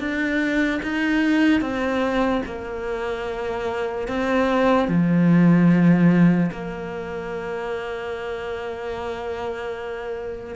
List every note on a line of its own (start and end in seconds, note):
0.00 0.81 D4
0.83 1.61 D#4
1.61 2.42 C4
2.46 4.08 A#3
4.08 4.89 C4
4.89 6.51 F3
6.52 10.56 A#3